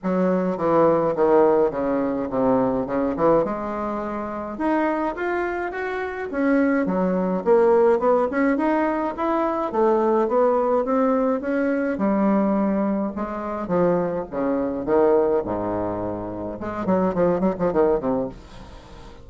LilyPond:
\new Staff \with { instrumentName = "bassoon" } { \time 4/4 \tempo 4 = 105 fis4 e4 dis4 cis4 | c4 cis8 e8 gis2 | dis'4 f'4 fis'4 cis'4 | fis4 ais4 b8 cis'8 dis'4 |
e'4 a4 b4 c'4 | cis'4 g2 gis4 | f4 cis4 dis4 gis,4~ | gis,4 gis8 fis8 f8 fis16 f16 dis8 c8 | }